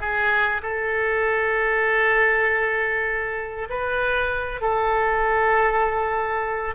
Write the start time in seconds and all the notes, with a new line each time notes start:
0.00 G#4
0.62 A4
3.69 B4
4.61 A4